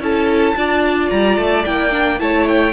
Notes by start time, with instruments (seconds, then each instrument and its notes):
0.00 cello C#4, viola E4, violin A4 A5
0.56 cello D4, viola F4, violin D5
1.10 cello G3, violin A#5
1.37 cello A3, violin A5
1.65 cello A#3, viola E4, violin G5
1.91 viola D4
2.19 cello A3, viola E4, violin C#5 A5
2.48 violin G5